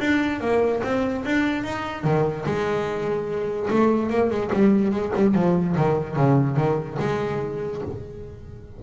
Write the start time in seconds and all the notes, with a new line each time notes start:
0.00 D4
0.41 A#3
0.83 C4
1.25 D4
1.64 D#4
2.04 D#3
2.46 G#3
3.70 A3
4.10 A#3
4.30 G#3
4.53 G3
4.92 G#3
5.15 G3
5.35 F3
5.76 D#3
6.16 C#3
6.57 D#3
7.00 G#3